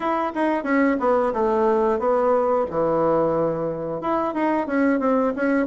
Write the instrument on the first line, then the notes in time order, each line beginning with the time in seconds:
bassoon
0.00 E4
0.35 D#4
0.63 C#4
0.99 B3
1.33 A3
1.98 B3
2.70 E3
4.01 E4
4.34 D#4
4.67 C#4
4.99 C4
5.35 C#4